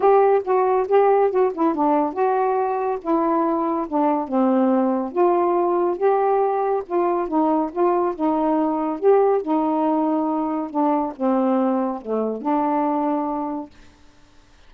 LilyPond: \new Staff \with { instrumentName = "saxophone" } { \time 4/4 \tempo 4 = 140 g'4 fis'4 g'4 fis'8 e'8 | d'4 fis'2 e'4~ | e'4 d'4 c'2 | f'2 g'2 |
f'4 dis'4 f'4 dis'4~ | dis'4 g'4 dis'2~ | dis'4 d'4 c'2 | a4 d'2. | }